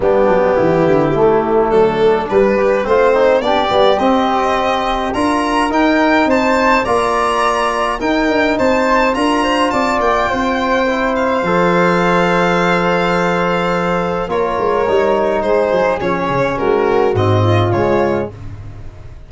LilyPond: <<
  \new Staff \with { instrumentName = "violin" } { \time 4/4 \tempo 4 = 105 g'2. a'4 | b'4 c''4 d''4 dis''4~ | dis''4 ais''4 g''4 a''4 | ais''2 g''4 a''4 |
ais''4 a''8 g''2 f''8~ | f''1~ | f''4 cis''2 c''4 | cis''4 ais'4 dis''4 cis''4 | }
  \new Staff \with { instrumentName = "flute" } { \time 4/4 d'4 e'2 d'4~ | d'4 c'4 g'2~ | g'4 ais'2 c''4 | d''2 ais'4 c''4 |
ais'8 c''8 d''4 c''2~ | c''1~ | c''4 ais'2 gis'4~ | gis'4 fis'4. f'4. | }
  \new Staff \with { instrumentName = "trombone" } { \time 4/4 b2 a2 | g8 g'8 f'8 dis'8 d'8 b8 c'4~ | c'4 f'4 dis'2 | f'2 dis'2 |
f'2. e'4 | a'1~ | a'4 f'4 dis'2 | cis'2 c'4 gis4 | }
  \new Staff \with { instrumentName = "tuba" } { \time 4/4 g8 fis8 e8 d8 a4 fis4 | g4 a4 b8 g8 c'4~ | c'4 d'4 dis'4 c'4 | ais2 dis'8 d'8 c'4 |
d'4 c'8 ais8 c'2 | f1~ | f4 ais8 gis8 g4 gis8 fis8 | f8 cis8 gis4 gis,4 cis4 | }
>>